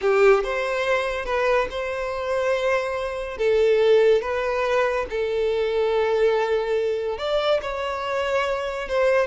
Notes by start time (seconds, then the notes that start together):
0.01 G4
0.43 C5
1.25 B4
1.70 C5
3.37 A4
4.21 B4
5.09 A4
7.18 D5
7.62 C#5
8.88 C5